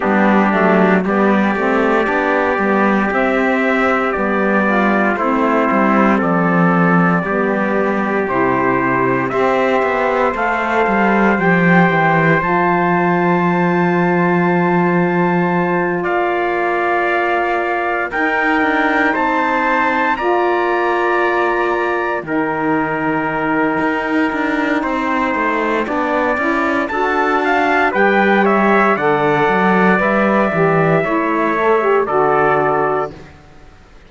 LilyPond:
<<
  \new Staff \with { instrumentName = "trumpet" } { \time 4/4 \tempo 4 = 58 g'4 d''2 e''4 | d''4 c''4 d''2 | c''4 e''4 f''4 g''4 | a''2.~ a''8 f''8~ |
f''4. g''4 a''4 ais''8~ | ais''4. g''2~ g''8~ | g''2 a''4 g''8 e''8 | fis''4 e''2 d''4 | }
  \new Staff \with { instrumentName = "trumpet" } { \time 4/4 d'4 g'2.~ | g'8 f'8 e'4 a'4 g'4~ | g'4 c''2.~ | c''2.~ c''8 d''8~ |
d''4. ais'4 c''4 d''8~ | d''4. ais'2~ ais'8 | c''4 d''4 a'8 f''8 b'8 cis''8 | d''2 cis''4 a'4 | }
  \new Staff \with { instrumentName = "saxophone" } { \time 4/4 b8 a8 b8 c'8 d'8 b8 c'4 | b4 c'2 b4 | e'4 g'4 a'4 g'4 | f'1~ |
f'4. dis'2 f'8~ | f'4. dis'2~ dis'8~ | dis'4 d'8 e'8 fis'4 g'4 | a'4 b'8 g'8 e'8 a'16 g'16 fis'4 | }
  \new Staff \with { instrumentName = "cello" } { \time 4/4 g8 fis8 g8 a8 b8 g8 c'4 | g4 a8 g8 f4 g4 | c4 c'8 b8 a8 g8 f8 e8 | f2.~ f8 ais8~ |
ais4. dis'8 d'8 c'4 ais8~ | ais4. dis4. dis'8 d'8 | c'8 a8 b8 cis'8 d'4 g4 | d8 fis8 g8 e8 a4 d4 | }
>>